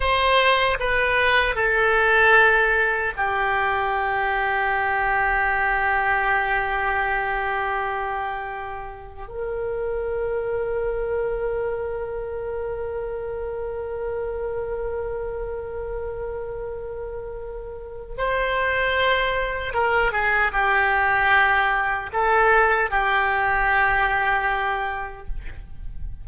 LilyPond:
\new Staff \with { instrumentName = "oboe" } { \time 4/4 \tempo 4 = 76 c''4 b'4 a'2 | g'1~ | g'2.~ g'8. ais'16~ | ais'1~ |
ais'1~ | ais'2. c''4~ | c''4 ais'8 gis'8 g'2 | a'4 g'2. | }